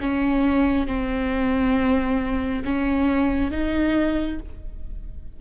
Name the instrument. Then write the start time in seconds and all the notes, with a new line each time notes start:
viola
0.00 C#4
0.86 C4
2.64 C#4
3.51 D#4